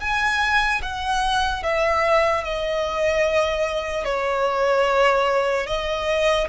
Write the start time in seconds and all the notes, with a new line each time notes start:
0.00 G#5
0.82 F#5
1.63 E5
2.43 D#5
4.04 C#5
5.66 D#5